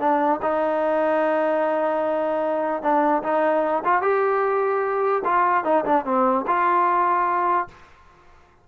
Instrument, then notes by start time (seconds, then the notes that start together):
trombone
0.00 D4
0.42 D#4
2.82 D4
3.23 D#4
3.85 F4
4.02 G4
5.25 F4
5.64 D#4
5.85 D4
6.05 C4
6.47 F4